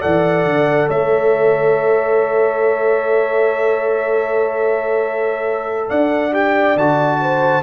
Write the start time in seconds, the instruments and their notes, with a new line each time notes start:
0.00 tuba E3, trombone A4, horn D5, trumpet F#5
0.45 tuba D3
0.88 tuba A3, horn C#5, trumpet E5
5.88 tuba D4, horn D5, trumpet F#5
6.32 trombone G4, trumpet G5
6.76 tuba D3, trombone F#4, trumpet A5
7.21 horn C5